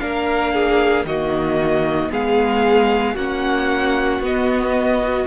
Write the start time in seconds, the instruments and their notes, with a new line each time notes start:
0.00 cello A#3, viola D4, violin A#4 F5
0.54 violin G#4
1.05 cello D#3, viola A#3, violin F#4 D#5
2.11 cello G#3, viola B3, violin G#4 F5
3.15 cello A#3, viola C#4, violin F#4 F#5
4.21 cello B3, viola B3, violin D#5
5.03 viola F#4